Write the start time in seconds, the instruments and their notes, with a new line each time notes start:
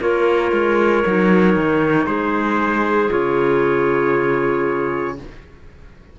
0.00 cello A#3, clarinet F4 A#4, trumpet C#5
0.52 cello G#3
1.05 cello F#3, clarinet D#4
1.56 cello D#3
2.06 cello G#3, clarinet G#4, trumpet C5
3.09 cello C#3, clarinet F4, trumpet C#5